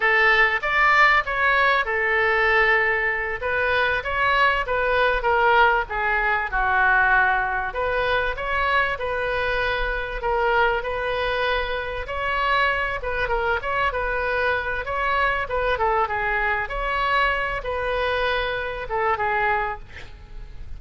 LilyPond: \new Staff \with { instrumentName = "oboe" } { \time 4/4 \tempo 4 = 97 a'4 d''4 cis''4 a'4~ | a'4. b'4 cis''4 b'8~ | b'8 ais'4 gis'4 fis'4.~ | fis'8 b'4 cis''4 b'4.~ |
b'8 ais'4 b'2 cis''8~ | cis''4 b'8 ais'8 cis''8 b'4. | cis''4 b'8 a'8 gis'4 cis''4~ | cis''8 b'2 a'8 gis'4 | }